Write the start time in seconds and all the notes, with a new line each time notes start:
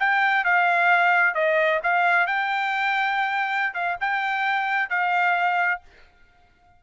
0.00 G5
0.45 F5
1.35 D#5
1.83 F5
2.27 G5
3.74 F5
4.01 G5
4.90 F5